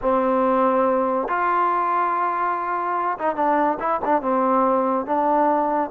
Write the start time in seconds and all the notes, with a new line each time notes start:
0.01 C4
1.28 F4
3.18 D#4
3.35 D4
3.79 E4
4.04 D4
4.21 C4
5.06 D4